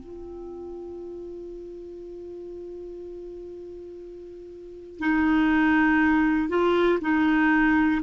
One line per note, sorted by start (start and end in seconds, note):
0.00 4.99 F4
4.99 6.49 D#4
6.49 6.99 F4
7.01 8.01 D#4